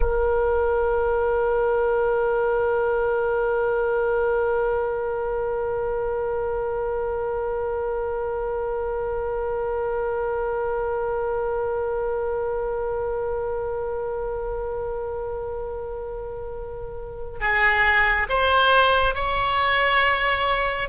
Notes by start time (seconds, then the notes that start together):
0.00 A#4
17.40 G#4
18.28 C5
19.14 C#5